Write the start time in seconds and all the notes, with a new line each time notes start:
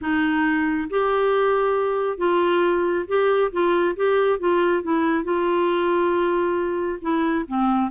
0.01 D#4
0.90 G4
2.17 F4
3.07 G4
3.52 F4
3.96 G4
4.39 F4
4.83 E4
5.23 F4
7.01 E4
7.47 C4